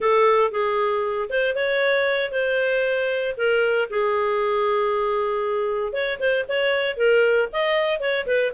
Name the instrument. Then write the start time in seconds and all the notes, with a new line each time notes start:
clarinet
0.00 A4
0.51 G#4
1.29 C5
1.55 C#5
2.31 C5
3.37 A#4
3.90 G#4
5.92 C#5
6.19 C5
6.48 C#5
6.96 A#4
7.52 D#5
8.00 C#5
8.26 B4